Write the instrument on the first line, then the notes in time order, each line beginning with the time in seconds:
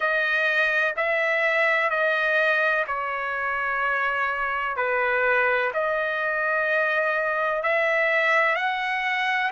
trumpet
0.00 D#5
0.96 E5
1.90 D#5
2.87 C#5
4.76 B4
5.73 D#5
7.62 E5
8.55 F#5